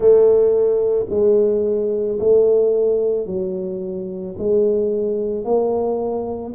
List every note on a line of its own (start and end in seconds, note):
0.00 1.06 A3
1.09 2.18 G#3
2.19 3.26 A3
3.26 4.35 F#3
4.38 5.44 G#3
5.44 6.53 A#3